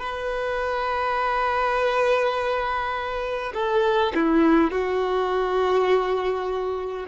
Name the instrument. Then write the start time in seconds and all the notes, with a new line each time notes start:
violin
0.00 B4
3.54 A4
4.15 E4
4.72 F#4